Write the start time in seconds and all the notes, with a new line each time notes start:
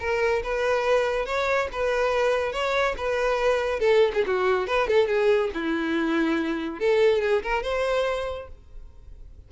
0.00 A#4
0.44 B4
1.26 C#5
1.72 B4
2.53 C#5
2.98 B4
3.80 A4
4.14 G#4
4.27 F#4
4.68 B4
4.88 A4
5.08 G#4
5.54 E4
6.80 A4
7.21 G#4
7.43 A#4
7.63 C5